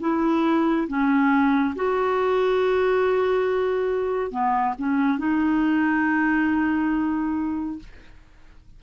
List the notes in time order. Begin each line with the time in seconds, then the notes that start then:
0.00 E4
0.88 C#4
1.75 F#4
4.31 B3
4.78 C#4
5.18 D#4